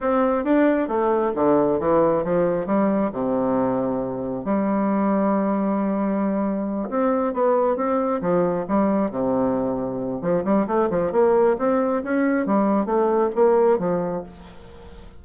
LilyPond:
\new Staff \with { instrumentName = "bassoon" } { \time 4/4 \tempo 4 = 135 c'4 d'4 a4 d4 | e4 f4 g4 c4~ | c2 g2~ | g2.~ g8 c'8~ |
c'8 b4 c'4 f4 g8~ | g8 c2~ c8 f8 g8 | a8 f8 ais4 c'4 cis'4 | g4 a4 ais4 f4 | }